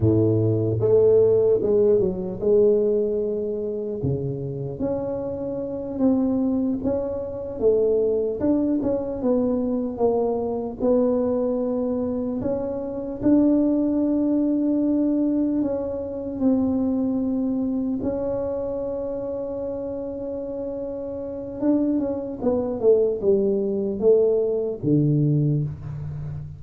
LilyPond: \new Staff \with { instrumentName = "tuba" } { \time 4/4 \tempo 4 = 75 a,4 a4 gis8 fis8 gis4~ | gis4 cis4 cis'4. c'8~ | c'8 cis'4 a4 d'8 cis'8 b8~ | b8 ais4 b2 cis'8~ |
cis'8 d'2. cis'8~ | cis'8 c'2 cis'4.~ | cis'2. d'8 cis'8 | b8 a8 g4 a4 d4 | }